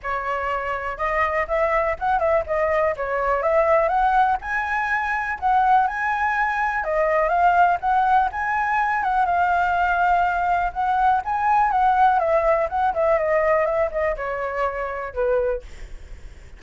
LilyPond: \new Staff \with { instrumentName = "flute" } { \time 4/4 \tempo 4 = 123 cis''2 dis''4 e''4 | fis''8 e''8 dis''4 cis''4 e''4 | fis''4 gis''2 fis''4 | gis''2 dis''4 f''4 |
fis''4 gis''4. fis''8 f''4~ | f''2 fis''4 gis''4 | fis''4 e''4 fis''8 e''8 dis''4 | e''8 dis''8 cis''2 b'4 | }